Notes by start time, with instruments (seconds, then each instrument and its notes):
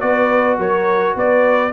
0.00 tuba B3, trombone F#4, horn B4, trumpet D5
0.58 tuba F#3, horn A#4, trumpet C#5
1.16 tuba B3, horn B4, trumpet D5